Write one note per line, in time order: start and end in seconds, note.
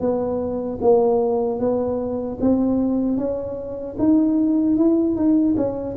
0.00 0.79 B3
0.81 1.59 A#3
1.59 2.38 B3
2.40 3.17 C4
3.17 3.96 C#4
3.98 4.76 D#4
4.76 5.15 E4
5.15 5.55 D#4
5.57 5.96 C#4